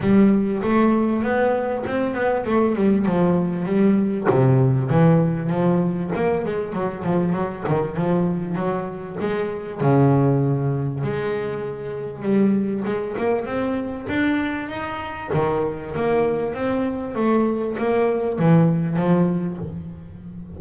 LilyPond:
\new Staff \with { instrumentName = "double bass" } { \time 4/4 \tempo 4 = 98 g4 a4 b4 c'8 b8 | a8 g8 f4 g4 c4 | e4 f4 ais8 gis8 fis8 f8 | fis8 dis8 f4 fis4 gis4 |
cis2 gis2 | g4 gis8 ais8 c'4 d'4 | dis'4 dis4 ais4 c'4 | a4 ais4 e4 f4 | }